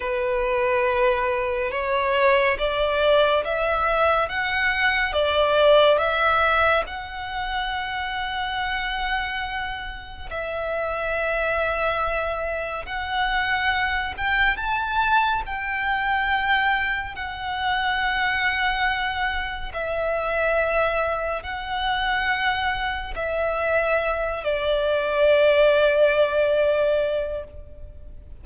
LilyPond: \new Staff \with { instrumentName = "violin" } { \time 4/4 \tempo 4 = 70 b'2 cis''4 d''4 | e''4 fis''4 d''4 e''4 | fis''1 | e''2. fis''4~ |
fis''8 g''8 a''4 g''2 | fis''2. e''4~ | e''4 fis''2 e''4~ | e''8 d''2.~ d''8 | }